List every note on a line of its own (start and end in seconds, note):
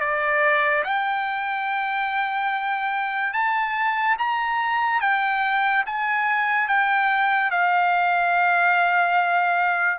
0.00 0.83 D5
0.84 3.33 G5
3.33 4.16 A5
4.18 5.01 A#5
5.01 5.84 G5
5.86 6.67 G#5
6.67 7.51 G5
7.51 9.98 F5